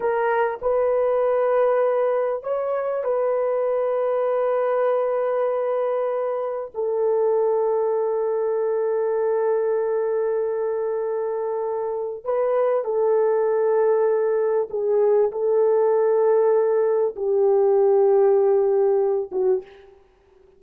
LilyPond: \new Staff \with { instrumentName = "horn" } { \time 4/4 \tempo 4 = 98 ais'4 b'2. | cis''4 b'2.~ | b'2. a'4~ | a'1~ |
a'1 | b'4 a'2. | gis'4 a'2. | g'2.~ g'8 fis'8 | }